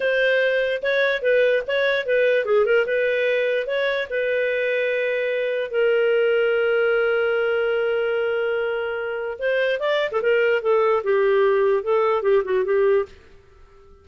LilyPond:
\new Staff \with { instrumentName = "clarinet" } { \time 4/4 \tempo 4 = 147 c''2 cis''4 b'4 | cis''4 b'4 gis'8 ais'8 b'4~ | b'4 cis''4 b'2~ | b'2 ais'2~ |
ais'1~ | ais'2. c''4 | d''8. a'16 ais'4 a'4 g'4~ | g'4 a'4 g'8 fis'8 g'4 | }